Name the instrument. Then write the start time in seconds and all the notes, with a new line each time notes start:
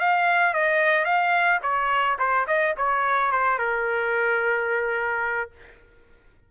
trumpet
0.00 F5
0.54 D#5
1.05 F5
1.63 C#5
2.19 C5
2.47 D#5
2.77 C#5
3.32 C5
3.59 A#4